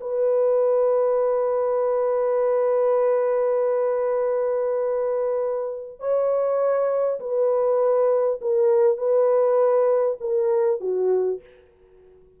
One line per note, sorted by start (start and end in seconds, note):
0.00 5.99 B4
5.99 7.19 C#5
7.20 8.40 B4
8.41 8.97 A#4
8.97 10.17 B4
10.20 10.80 A#4
10.80 11.40 F#4